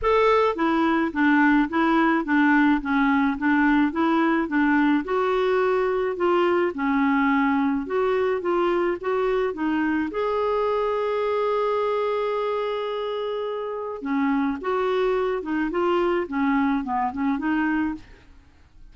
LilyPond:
\new Staff \with { instrumentName = "clarinet" } { \time 4/4 \tempo 4 = 107 a'4 e'4 d'4 e'4 | d'4 cis'4 d'4 e'4 | d'4 fis'2 f'4 | cis'2 fis'4 f'4 |
fis'4 dis'4 gis'2~ | gis'1~ | gis'4 cis'4 fis'4. dis'8 | f'4 cis'4 b8 cis'8 dis'4 | }